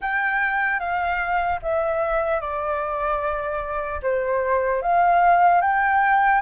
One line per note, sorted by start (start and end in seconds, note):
0.01 0.79 G5
0.79 1.59 F5
1.62 2.40 E5
2.40 4.00 D5
4.02 4.82 C5
4.82 5.61 F5
5.61 6.41 G5